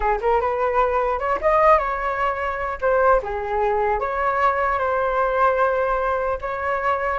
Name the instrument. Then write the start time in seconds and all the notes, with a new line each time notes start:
flute
0.00 G#4
0.21 A#4
0.41 B4
1.19 C#5
1.41 D#5
1.78 C#5
2.81 C5
3.22 G#4
3.99 C#5
4.78 C5
6.41 C#5